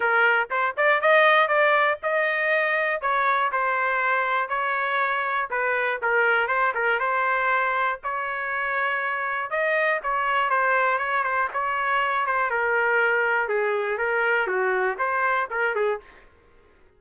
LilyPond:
\new Staff \with { instrumentName = "trumpet" } { \time 4/4 \tempo 4 = 120 ais'4 c''8 d''8 dis''4 d''4 | dis''2 cis''4 c''4~ | c''4 cis''2 b'4 | ais'4 c''8 ais'8 c''2 |
cis''2. dis''4 | cis''4 c''4 cis''8 c''8 cis''4~ | cis''8 c''8 ais'2 gis'4 | ais'4 fis'4 c''4 ais'8 gis'8 | }